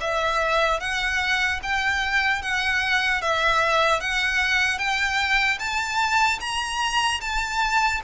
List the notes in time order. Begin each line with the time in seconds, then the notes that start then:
0.00 E5
0.80 F#5
1.63 G5
2.41 F#5
3.21 E5
4.00 F#5
4.78 G5
5.59 A5
6.40 A#5
7.20 A5